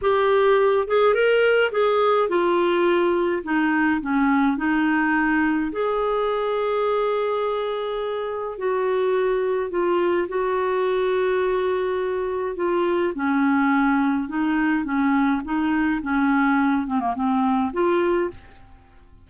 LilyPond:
\new Staff \with { instrumentName = "clarinet" } { \time 4/4 \tempo 4 = 105 g'4. gis'8 ais'4 gis'4 | f'2 dis'4 cis'4 | dis'2 gis'2~ | gis'2. fis'4~ |
fis'4 f'4 fis'2~ | fis'2 f'4 cis'4~ | cis'4 dis'4 cis'4 dis'4 | cis'4. c'16 ais16 c'4 f'4 | }